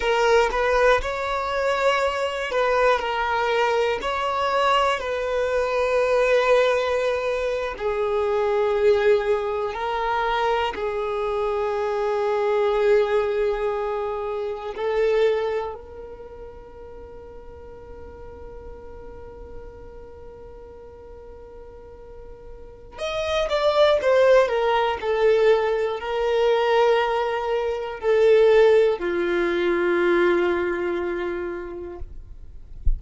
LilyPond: \new Staff \with { instrumentName = "violin" } { \time 4/4 \tempo 4 = 60 ais'8 b'8 cis''4. b'8 ais'4 | cis''4 b'2~ b'8. gis'16~ | gis'4.~ gis'16 ais'4 gis'4~ gis'16~ | gis'2~ gis'8. a'4 ais'16~ |
ais'1~ | ais'2. dis''8 d''8 | c''8 ais'8 a'4 ais'2 | a'4 f'2. | }